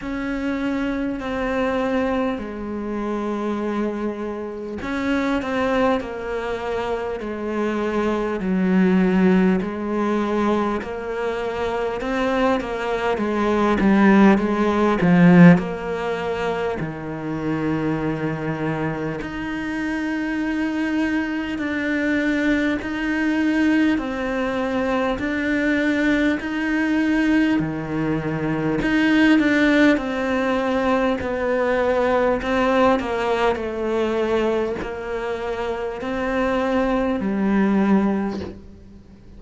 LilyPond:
\new Staff \with { instrumentName = "cello" } { \time 4/4 \tempo 4 = 50 cis'4 c'4 gis2 | cis'8 c'8 ais4 gis4 fis4 | gis4 ais4 c'8 ais8 gis8 g8 | gis8 f8 ais4 dis2 |
dis'2 d'4 dis'4 | c'4 d'4 dis'4 dis4 | dis'8 d'8 c'4 b4 c'8 ais8 | a4 ais4 c'4 g4 | }